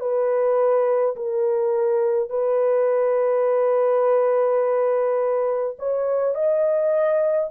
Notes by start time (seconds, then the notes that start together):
0.00 B4
1.16 A#4
2.29 B4
5.78 C#5
6.35 D#5